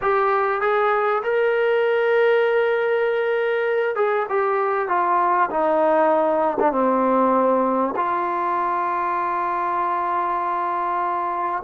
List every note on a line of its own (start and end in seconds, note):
0.01 0.61 G4
0.61 1.22 G#4
1.23 3.95 A#4
3.95 4.26 G#4
4.29 4.88 G4
4.88 5.49 F4
5.50 6.57 D#4
6.59 6.72 D4
6.72 7.94 C4
7.96 11.63 F4